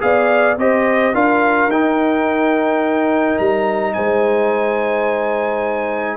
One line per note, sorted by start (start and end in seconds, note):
0.00 0.57 B3
0.00 0.56 G#4
0.00 0.59 D5
0.00 0.57 F5
0.57 1.13 C4
0.57 1.14 G4
0.57 1.14 C5
0.57 1.15 D#5
1.14 1.67 D4
1.14 1.70 F4
1.14 3.94 A#4
1.14 1.71 F5
1.67 3.36 D#4
1.67 6.17 D#4
1.67 3.38 G5
3.38 3.95 G3
3.38 3.93 A#5
3.93 6.17 G#3
3.93 6.17 C5
3.93 6.17 G#5